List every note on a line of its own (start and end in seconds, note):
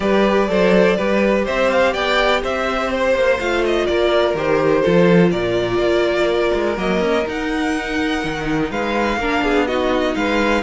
0.00 0.48 G3
0.00 0.48 G4
0.00 0.49 B4
0.00 1.43 D5
0.48 0.97 F#3
0.48 0.96 A4
0.48 0.96 C5
0.96 1.47 G3
0.96 3.38 G4
0.96 1.44 B4
1.45 1.94 C4
1.45 1.92 C5
1.45 1.70 E5
1.71 1.93 F5
1.92 2.43 B3
1.92 2.41 D5
1.92 2.42 G5
2.42 3.14 C4
2.42 3.87 C5
2.42 2.91 E5
2.91 3.40 C5
3.14 3.38 A#3
3.39 3.88 A3
3.39 4.35 F4
3.39 3.64 F5
3.65 3.86 D#5
3.86 4.34 A#3
3.86 4.81 A#4
3.86 4.34 D5
4.34 4.82 D#3
4.34 4.84 G4
4.34 5.31 C5
4.81 5.32 F3
4.81 6.76 F4
4.81 5.30 A4
5.31 5.78 A#2
5.31 8.70 A#4
5.31 6.76 D5
5.78 6.51 A#3
6.54 6.77 G#3
6.76 6.99 F#3
6.76 7.24 A#3
6.76 7.27 D#5
6.99 7.24 C#4
7.27 9.20 D#4
7.27 8.24 D#4
7.27 8.71 F#5
8.24 8.70 D#3
8.70 9.17 G#3
8.70 9.18 B4
8.70 9.66 F5
9.17 9.41 A#3
9.17 9.69 D4
9.17 9.44 A#4
9.41 10.14 B3
9.41 9.67 G#4
9.66 10.63 D#4
9.66 10.16 F#4
9.66 10.15 D#5
10.15 10.63 G#3
10.15 10.63 B4
10.15 10.63 F5